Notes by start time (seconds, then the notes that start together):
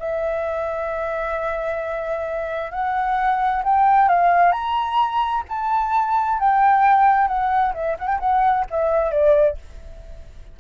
0.00 E5
2.71 F#5
3.64 G5
4.09 F5
4.53 A#5
5.49 A5
6.40 G5
7.28 F#5
7.74 E5
7.99 F#5
8.08 G5
8.20 F#5
8.71 E5
9.12 D5